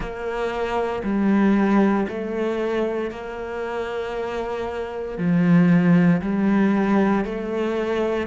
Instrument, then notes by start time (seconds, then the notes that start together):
cello
0.00 A#3
1.03 G3
2.08 A3
3.10 A#3
5.17 F3
6.21 G3
7.25 A3